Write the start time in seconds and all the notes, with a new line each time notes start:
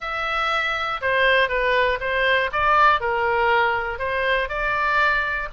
0.00 E5
1.01 C5
1.48 B4
2.00 C5
2.52 D5
3.00 A#4
3.98 C5
4.48 D5